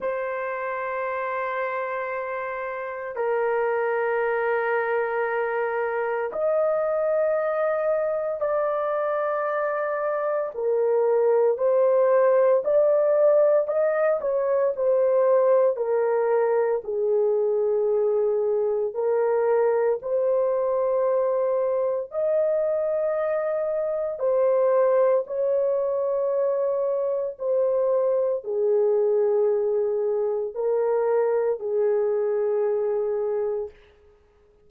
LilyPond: \new Staff \with { instrumentName = "horn" } { \time 4/4 \tempo 4 = 57 c''2. ais'4~ | ais'2 dis''2 | d''2 ais'4 c''4 | d''4 dis''8 cis''8 c''4 ais'4 |
gis'2 ais'4 c''4~ | c''4 dis''2 c''4 | cis''2 c''4 gis'4~ | gis'4 ais'4 gis'2 | }